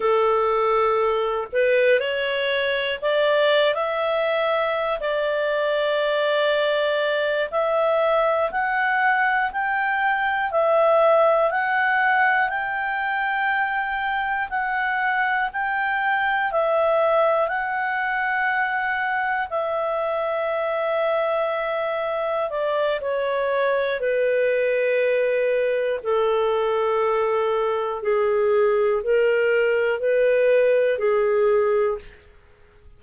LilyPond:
\new Staff \with { instrumentName = "clarinet" } { \time 4/4 \tempo 4 = 60 a'4. b'8 cis''4 d''8. e''16~ | e''4 d''2~ d''8 e''8~ | e''8 fis''4 g''4 e''4 fis''8~ | fis''8 g''2 fis''4 g''8~ |
g''8 e''4 fis''2 e''8~ | e''2~ e''8 d''8 cis''4 | b'2 a'2 | gis'4 ais'4 b'4 gis'4 | }